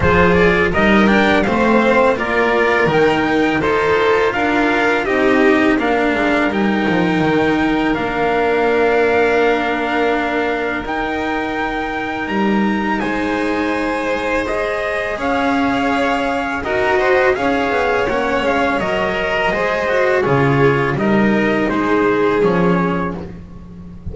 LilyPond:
<<
  \new Staff \with { instrumentName = "trumpet" } { \time 4/4 \tempo 4 = 83 c''8 d''8 dis''8 g''8 f''4 d''4 | g''4 c''4 f''4 dis''4 | f''4 g''2 f''4~ | f''2. g''4~ |
g''4 ais''4 gis''2 | dis''4 f''2 dis''4 | f''4 fis''8 f''8 dis''2 | cis''4 dis''4 c''4 cis''4 | }
  \new Staff \with { instrumentName = "violin" } { \time 4/4 gis'4 ais'4 c''4 ais'4~ | ais'4 a'4 ais'4 g'4 | ais'1~ | ais'1~ |
ais'2 c''2~ | c''4 cis''2 ais'8 c''8 | cis''2~ cis''8. ais'16 c''4 | gis'4 ais'4 gis'2 | }
  \new Staff \with { instrumentName = "cello" } { \time 4/4 f'4 dis'8 d'8 c'4 f'4 | dis'4 f'2 dis'4 | d'4 dis'2 d'4~ | d'2. dis'4~ |
dis'1 | gis'2. fis'4 | gis'4 cis'4 ais'4 gis'8 fis'8 | f'4 dis'2 cis'4 | }
  \new Staff \with { instrumentName = "double bass" } { \time 4/4 f4 g4 a4 ais4 | dis4 dis'4 d'4 c'4 | ais8 gis8 g8 f8 dis4 ais4~ | ais2. dis'4~ |
dis'4 g4 gis2~ | gis4 cis'2 dis'4 | cis'8 b8 ais8 gis8 fis4 gis4 | cis4 g4 gis4 f4 | }
>>